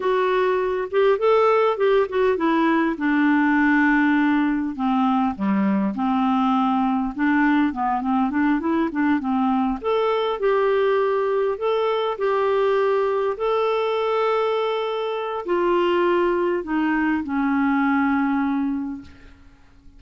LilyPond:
\new Staff \with { instrumentName = "clarinet" } { \time 4/4 \tempo 4 = 101 fis'4. g'8 a'4 g'8 fis'8 | e'4 d'2. | c'4 g4 c'2 | d'4 b8 c'8 d'8 e'8 d'8 c'8~ |
c'8 a'4 g'2 a'8~ | a'8 g'2 a'4.~ | a'2 f'2 | dis'4 cis'2. | }